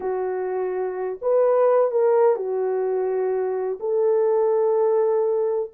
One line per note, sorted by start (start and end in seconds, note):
0.00 1.19 F#4
1.21 1.91 B4
1.91 2.35 A#4
2.35 3.78 F#4
3.80 5.70 A4